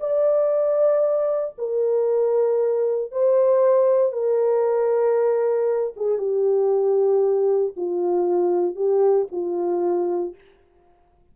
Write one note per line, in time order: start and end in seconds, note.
0.00 1.55 D5
1.58 3.12 A#4
3.12 4.12 C5
4.12 5.93 A#4
5.96 6.18 G#4
6.18 7.73 G4
7.76 8.76 F4
8.76 9.27 G4
9.32 10.35 F4